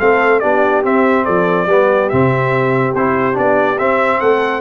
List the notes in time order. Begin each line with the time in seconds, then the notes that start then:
0.00 A3 C4 A4 F5
0.40 B3 D4 G4 D5
0.84 C4 E5
1.25 F3 A4 D5
1.67 G3 B3 G4
2.10 C3 C4 E5
2.94 C4 E4 C5
3.34 B3 D4 D5
3.79 C4 E5
4.20 A3 A4 F#5